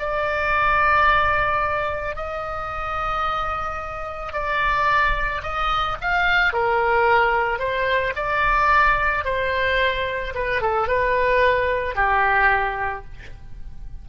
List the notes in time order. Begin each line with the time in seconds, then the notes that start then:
0.00 D5
2.16 D#5
4.33 D5
5.43 D#5
6.01 F5
6.53 A#4
7.59 C5
8.16 D5
9.25 C5
10.35 B4
10.62 A4
10.88 B4
11.96 G4